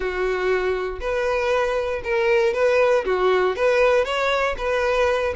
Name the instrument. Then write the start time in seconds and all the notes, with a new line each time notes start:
violin
0.00 F#4
1.00 B4
2.04 A#4
2.53 B4
3.05 F#4
3.55 B4
4.04 C#5
4.57 B4